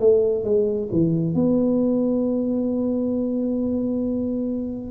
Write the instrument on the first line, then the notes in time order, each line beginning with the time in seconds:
tuba
0.00 A3
0.44 G#3
0.92 E3
1.35 B3